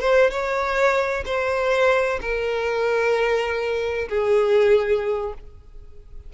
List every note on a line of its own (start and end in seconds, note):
0.00 0.30 C5
0.30 1.24 C#5
1.26 2.19 C5
2.21 4.08 A#4
4.09 5.34 G#4